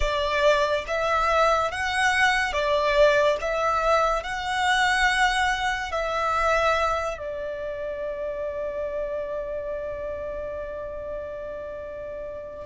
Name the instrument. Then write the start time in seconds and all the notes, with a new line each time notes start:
violin
0.00 D5
0.87 E5
1.71 F#5
2.52 D5
3.40 E5
4.23 F#5
5.91 E5
7.18 D5